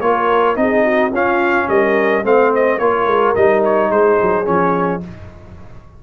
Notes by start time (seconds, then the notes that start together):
0.00 A#3 F4 A#4 C#5
0.55 C4 D#4 G#4 D#5
0.84 F#4
1.11 C#4 F4 F5
1.68 G3 A#4 D#5
2.23 A3 C4 C5 F5
2.54 D#5
2.78 A#3 F4 A#4 C#5
3.06 G#3
3.35 G3 D#4 D#5
3.64 C#5
3.90 G#3 G#4 C5
4.22 F#3
4.44 F3 C#4 C#5